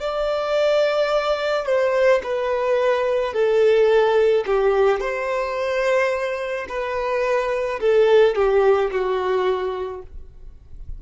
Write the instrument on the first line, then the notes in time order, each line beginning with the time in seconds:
violin
0.00 D5
1.66 C5
2.23 B4
3.33 A4
4.46 G4
5.00 C5
6.69 B4
7.80 A4
8.35 G4
8.91 F#4